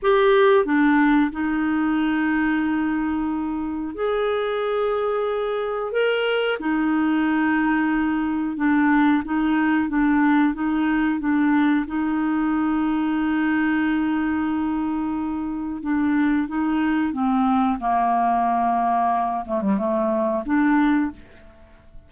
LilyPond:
\new Staff \with { instrumentName = "clarinet" } { \time 4/4 \tempo 4 = 91 g'4 d'4 dis'2~ | dis'2 gis'2~ | gis'4 ais'4 dis'2~ | dis'4 d'4 dis'4 d'4 |
dis'4 d'4 dis'2~ | dis'1 | d'4 dis'4 c'4 ais4~ | ais4. a16 g16 a4 d'4 | }